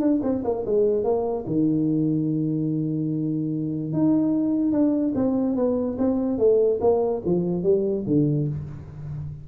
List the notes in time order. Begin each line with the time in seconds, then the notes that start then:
0.00 D4
0.23 C4
0.44 A#3
0.66 G#3
1.03 A#3
1.46 D#3
3.93 D#4
4.72 D4
5.15 C4
5.56 B3
5.98 C4
6.38 A3
6.81 A#3
7.25 F3
7.63 G3
8.07 D3